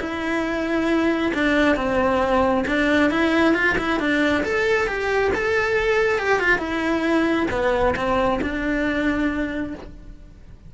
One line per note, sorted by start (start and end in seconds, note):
0.00 1.32 E4
1.34 1.76 D4
1.76 2.64 C4
2.67 3.10 D4
3.10 3.54 E4
3.54 3.76 F4
3.78 3.99 E4
3.99 4.44 D4
4.44 4.87 A4
4.87 5.31 G4
5.35 6.18 A4
6.18 6.40 G4
6.40 6.58 F4
6.58 7.47 E4
7.50 7.95 B3
7.96 8.40 C4
8.41 9.74 D4